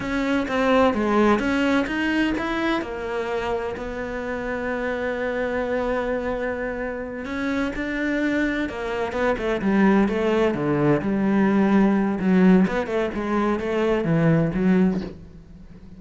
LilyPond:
\new Staff \with { instrumentName = "cello" } { \time 4/4 \tempo 4 = 128 cis'4 c'4 gis4 cis'4 | dis'4 e'4 ais2 | b1~ | b2.~ b8 cis'8~ |
cis'8 d'2 ais4 b8 | a8 g4 a4 d4 g8~ | g2 fis4 b8 a8 | gis4 a4 e4 fis4 | }